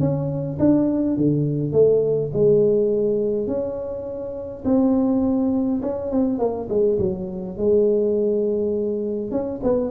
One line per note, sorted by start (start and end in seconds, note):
0.00 0.58 C#4
0.60 1.17 D4
1.17 1.72 D3
1.72 2.31 A3
2.34 3.47 G#3
3.47 4.64 C#4
4.65 5.81 C4
5.82 6.11 C#4
6.11 6.39 C4
6.39 6.68 A#3
6.69 6.98 G#3
6.99 7.57 F#3
7.58 9.32 G#3
9.32 9.61 C#4
9.63 9.91 B3